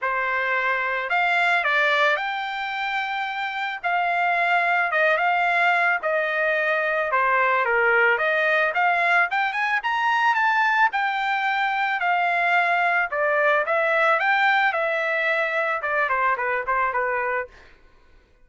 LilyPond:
\new Staff \with { instrumentName = "trumpet" } { \time 4/4 \tempo 4 = 110 c''2 f''4 d''4 | g''2. f''4~ | f''4 dis''8 f''4. dis''4~ | dis''4 c''4 ais'4 dis''4 |
f''4 g''8 gis''8 ais''4 a''4 | g''2 f''2 | d''4 e''4 g''4 e''4~ | e''4 d''8 c''8 b'8 c''8 b'4 | }